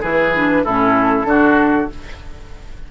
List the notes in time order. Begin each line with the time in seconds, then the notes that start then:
0.00 E3 E4 G#4 B4
0.35 D4
0.64 A2 C#4 E4 A4
1.24 D3 D4 F#4